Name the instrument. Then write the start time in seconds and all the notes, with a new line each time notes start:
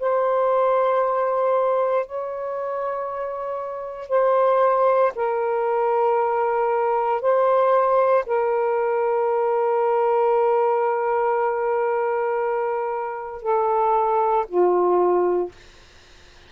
saxophone
0.00 C5
2.06 C#5
4.09 C5
5.15 A#4
7.21 C5
8.26 A#4
13.42 A4
14.48 F4